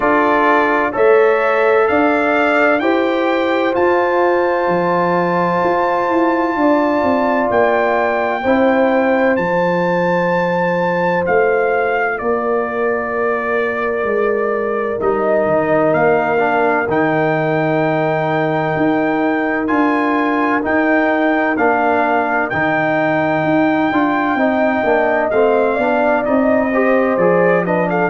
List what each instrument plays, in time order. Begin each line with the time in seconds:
0.00 tuba D4, trombone F4, horn A4, trumpet D5
0.92 tuba A3, trombone A4, horn C#5, trumpet E5
1.87 tuba D4, horn D5, trumpet F5
2.79 tuba E4, trombone G4, horn C5, trumpet G5
3.72 trombone F4, tuba F4, trumpet A5
4.67 tuba F3
5.63 tuba F4
6.08 tuba E4
6.55 tuba D4, horn D5
7.02 tuba C4
7.50 tuba A#3, trumpet G5
8.42 tuba C4, trombone E4, horn C5
9.36 tuba F3, trombone F4, trumpet A5
11.26 tuba A3, trumpet F5
12.18 tuba A#3, horn A#4, trumpet D5
14.03 tuba G#3
14.99 tuba G3, trombone D#4, trumpet D#5
15.46 tuba D#3
15.92 tuba A#3, trumpet F5
16.38 trombone D4
16.87 tuba D#3, trombone D#4, trumpet G5
18.76 tuba D#4
19.67 tuba D4, trombone F4, trumpet G#5
20.62 trombone D#4, tuba D#4, trumpet G5
21.56 tuba A#3, trombone D4, trumpet F5
22.49 tuba D#3, trombone D#4, trumpet G5
23.43 tuba D#4
23.91 tuba D4, trombone F4
24.35 tuba C4, trombone D#4, horn D#5
24.83 tuba A#3, trombone D4
25.30 tuba A3, trombone C4, trumpet F5
25.74 tuba B3, trombone D4, horn D5
26.24 tuba C4, trombone D#4, trumpet D#5
26.71 trombone G4, horn C5
27.17 tuba F3, trombone G#4, trumpet D5
27.65 trombone D4, horn B4, trumpet D#5
27.89 horn A4, trumpet F5